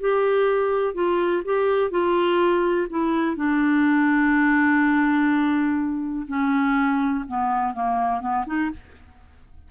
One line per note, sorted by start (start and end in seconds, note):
0.00 0.94 G4
0.94 1.42 F4
1.45 1.91 G4
1.91 2.87 F4
2.90 3.36 E4
3.36 6.26 D4
6.28 7.24 C#4
7.28 7.74 B3
7.74 8.21 A#3
8.21 8.45 B3
8.46 8.70 D#4